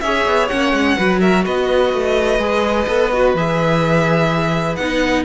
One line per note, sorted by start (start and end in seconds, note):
0.00 0.25 C#4
0.00 0.50 G#4
0.00 0.97 C#5
0.00 0.48 E5
0.26 0.50 B3
0.48 0.72 A#3
0.48 0.98 C#4
0.48 1.19 F#5
0.72 0.96 G#3
0.97 1.45 F#3
0.97 2.39 F#4
0.97 1.20 B4
1.20 1.44 A#4
1.20 1.44 E5
1.44 1.93 B3
1.44 5.24 B4
1.44 3.36 D#5
1.93 2.38 A3
2.38 2.86 G#3
2.38 2.86 G#4
2.87 3.34 B3
2.87 3.11 A4
3.13 3.36 F#4
3.34 4.77 E3
3.34 4.79 G#4
3.34 4.75 E5
4.75 5.24 B3
4.75 5.24 D#4
4.75 5.23 F#5